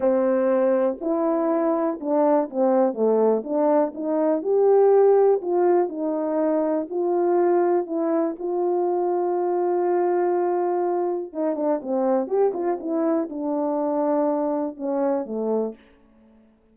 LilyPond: \new Staff \with { instrumentName = "horn" } { \time 4/4 \tempo 4 = 122 c'2 e'2 | d'4 c'4 a4 d'4 | dis'4 g'2 f'4 | dis'2 f'2 |
e'4 f'2.~ | f'2. dis'8 d'8 | c'4 g'8 f'8 e'4 d'4~ | d'2 cis'4 a4 | }